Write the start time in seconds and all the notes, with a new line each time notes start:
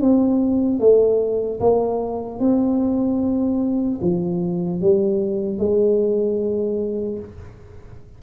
0.00 C4
0.79 A3
1.60 A#3
2.39 C4
4.01 F3
4.81 G3
5.59 G#3